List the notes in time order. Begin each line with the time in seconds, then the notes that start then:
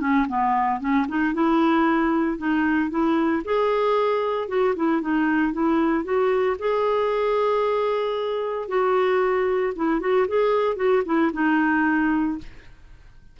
0.00 C#4
0.28 B3
0.80 C#4
1.08 D#4
1.33 E4
2.38 D#4
2.90 E4
3.44 G#4
4.48 F#4
4.76 E4
5.01 D#4
5.53 E4
6.04 F#4
6.59 G#4
8.68 F#4
9.76 E4
10.00 F#4
10.28 G#4
10.76 F#4
11.05 E4
11.33 D#4